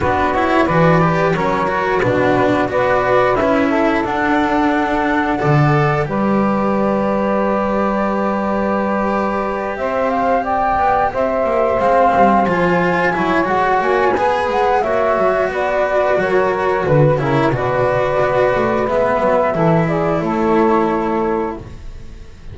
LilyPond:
<<
  \new Staff \with { instrumentName = "flute" } { \time 4/4 \tempo 4 = 89 b'8 cis''8 d''4 cis''4 b'4 | d''4 e''4 fis''2~ | fis''4 d''2.~ | d''2~ d''8 e''8 f''8 g''8~ |
g''8 e''4 f''4 gis''4. | fis''8 gis''4 fis''8 e''4 d''4 | cis''4 b'8 cis''8 d''2 | e''4. d''8 cis''2 | }
  \new Staff \with { instrumentName = "saxophone" } { \time 4/4 fis'4 b'4 ais'4 fis'4 | b'4. a'2~ a'8 | d''4 b'2.~ | b'2~ b'8 c''4 d''8~ |
d''8 c''2. cis''8~ | cis''4 b'4 cis''4 b'4 | ais'4 b'8 ais'8 b'2~ | b'4 a'8 gis'8 a'2 | }
  \new Staff \with { instrumentName = "cello" } { \time 4/4 d'8 e'8 fis'8 g'8 cis'8 fis'8 d'4 | fis'4 e'4 d'2 | a'4 g'2.~ | g'1~ |
g'4. c'4 f'4 e'8 | fis'4 gis'4 fis'2~ | fis'4. e'8 fis'2 | b4 e'2. | }
  \new Staff \with { instrumentName = "double bass" } { \time 4/4 b4 e4 fis4 b,4 | b4 cis'4 d'2 | d4 g2.~ | g2~ g8 c'4. |
b8 c'8 ais8 gis8 g8 f4 fis8 | gis8 ais8 b8 gis8 ais8 fis8 b4 | fis4 d8 cis8 b,4 b8 a8 | gis8 fis8 e4 a2 | }
>>